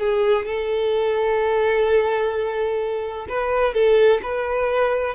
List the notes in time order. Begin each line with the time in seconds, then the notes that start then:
0.00 G#4
0.46 A4
3.29 B4
3.74 A4
4.23 B4